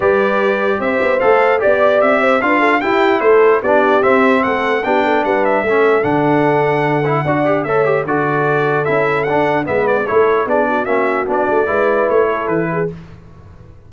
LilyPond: <<
  \new Staff \with { instrumentName = "trumpet" } { \time 4/4 \tempo 4 = 149 d''2 e''4 f''4 | d''4 e''4 f''4 g''4 | c''4 d''4 e''4 fis''4 | g''4 fis''8 e''4. fis''4~ |
fis''2. e''4 | d''2 e''4 fis''4 | e''8 d''8 cis''4 d''4 e''4 | d''2 cis''4 b'4 | }
  \new Staff \with { instrumentName = "horn" } { \time 4/4 b'2 c''2 | d''4. c''8 b'8 a'8 g'4 | a'4 g'2 a'4 | g'8 a'8 b'4 a'2~ |
a'2 d''4 cis''4 | a'1 | b'4 a'4 gis'8 fis'4.~ | fis'4 b'4. a'4 gis'8 | }
  \new Staff \with { instrumentName = "trombone" } { \time 4/4 g'2. a'4 | g'2 f'4 e'4~ | e'4 d'4 c'2 | d'2 cis'4 d'4~ |
d'4. e'8 fis'8 g'8 a'8 g'8 | fis'2 e'4 d'4 | b4 e'4 d'4 cis'4 | d'4 e'2. | }
  \new Staff \with { instrumentName = "tuba" } { \time 4/4 g2 c'8 b8 a4 | b4 c'4 d'4 e'4 | a4 b4 c'4 a4 | b4 g4 a4 d4~ |
d2 d'4 a4 | d2 cis'4 d'4 | gis4 a4 b4 ais4 | b8 a8 gis4 a4 e4 | }
>>